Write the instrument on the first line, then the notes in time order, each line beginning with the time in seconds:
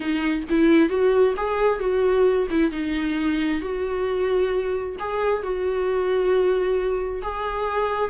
viola
0.00 D#4
0.49 E4
0.89 F#4
1.37 G#4
1.79 F#4
2.50 E4
2.71 D#4
3.61 F#4
4.99 G#4
5.42 F#4
7.21 G#4